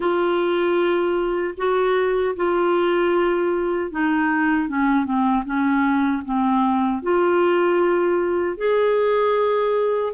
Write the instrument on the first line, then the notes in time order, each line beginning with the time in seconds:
clarinet
0.00 F4
1.57 F#4
2.36 F4
3.91 D#4
4.68 C#4
5.04 C4
5.45 C#4
6.24 C4
7.02 F4
8.57 G#4